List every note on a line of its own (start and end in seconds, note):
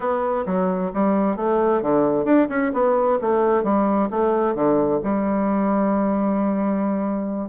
0.00 0.44 B3
0.45 0.91 F#3
0.93 1.36 G3
1.36 1.81 A3
1.82 2.25 D3
2.25 2.47 D4
2.49 2.71 C#4
2.73 3.18 B3
3.21 3.63 A3
3.63 4.09 G3
4.10 4.54 A3
4.54 5.00 D3
5.03 7.49 G3